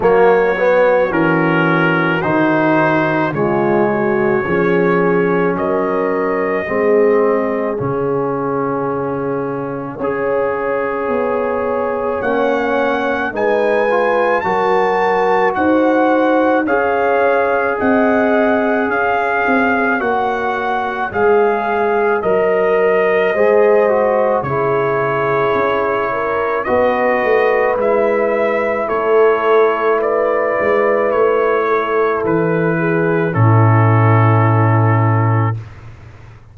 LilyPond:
<<
  \new Staff \with { instrumentName = "trumpet" } { \time 4/4 \tempo 4 = 54 cis''4 ais'4 c''4 cis''4~ | cis''4 dis''2 f''4~ | f''2. fis''4 | gis''4 a''4 fis''4 f''4 |
fis''4 f''4 fis''4 f''4 | dis''2 cis''2 | dis''4 e''4 cis''4 d''4 | cis''4 b'4 a'2 | }
  \new Staff \with { instrumentName = "horn" } { \time 4/4 fis'2. f'8 fis'8 | gis'4 ais'4 gis'2~ | gis'4 cis''2. | b'4 ais'4 c''4 cis''4 |
dis''4 cis''2.~ | cis''4 c''4 gis'4. ais'8 | b'2 a'4 b'4~ | b'8 a'4 gis'8 e'2 | }
  \new Staff \with { instrumentName = "trombone" } { \time 4/4 ais8 b8 cis'4 dis'4 gis4 | cis'2 c'4 cis'4~ | cis'4 gis'2 cis'4 | dis'8 f'8 fis'2 gis'4~ |
gis'2 fis'4 gis'4 | ais'4 gis'8 fis'8 e'2 | fis'4 e'2.~ | e'2 cis'2 | }
  \new Staff \with { instrumentName = "tuba" } { \time 4/4 fis4 e4 dis4 cis4 | f4 fis4 gis4 cis4~ | cis4 cis'4 b4 ais4 | gis4 fis4 dis'4 cis'4 |
c'4 cis'8 c'8 ais4 gis4 | fis4 gis4 cis4 cis'4 | b8 a8 gis4 a4. gis8 | a4 e4 a,2 | }
>>